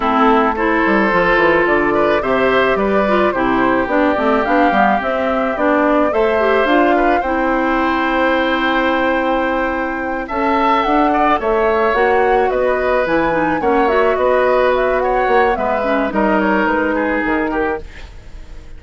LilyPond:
<<
  \new Staff \with { instrumentName = "flute" } { \time 4/4 \tempo 4 = 108 a'4 c''2 d''4 | e''4 d''4 c''4 d''4 | f''4 e''4 d''4 e''4 | f''4 g''2.~ |
g''2~ g''8 a''4 fis''8~ | fis''8 e''4 fis''4 dis''4 gis''8~ | gis''8 fis''8 e''8 dis''4 e''8 fis''4 | e''4 dis''8 cis''8 b'4 ais'4 | }
  \new Staff \with { instrumentName = "oboe" } { \time 4/4 e'4 a'2~ a'8 b'8 | c''4 b'4 g'2~ | g'2. c''4~ | c''8 b'8 c''2.~ |
c''2~ c''8 e''4. | d''8 cis''2 b'4.~ | b'8 cis''4 b'4. cis''4 | b'4 ais'4. gis'4 g'8 | }
  \new Staff \with { instrumentName = "clarinet" } { \time 4/4 c'4 e'4 f'2 | g'4. f'8 e'4 d'8 c'8 | d'8 b8 c'4 d'4 a'8 g'8 | f'4 e'2.~ |
e'2~ e'8 a'4.~ | a'4. fis'2 e'8 | dis'8 cis'8 fis'2. | b8 cis'8 dis'2. | }
  \new Staff \with { instrumentName = "bassoon" } { \time 4/4 a4. g8 f8 e8 d4 | c4 g4 c4 b8 a8 | b8 g8 c'4 b4 a4 | d'4 c'2.~ |
c'2~ c'8 cis'4 d'8~ | d'8 a4 ais4 b4 e8~ | e8 ais4 b2 ais8 | gis4 g4 gis4 dis4 | }
>>